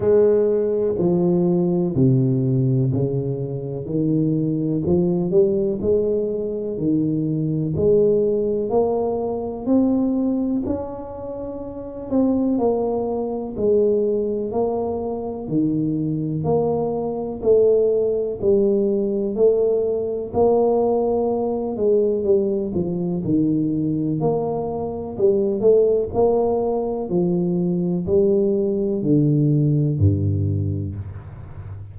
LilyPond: \new Staff \with { instrumentName = "tuba" } { \time 4/4 \tempo 4 = 62 gis4 f4 c4 cis4 | dis4 f8 g8 gis4 dis4 | gis4 ais4 c'4 cis'4~ | cis'8 c'8 ais4 gis4 ais4 |
dis4 ais4 a4 g4 | a4 ais4. gis8 g8 f8 | dis4 ais4 g8 a8 ais4 | f4 g4 d4 g,4 | }